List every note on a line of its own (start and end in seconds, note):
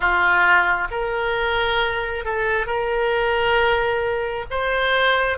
0.00 0.88 F4
0.90 2.24 A#4
2.24 2.66 A4
2.66 4.45 A#4
4.50 5.38 C5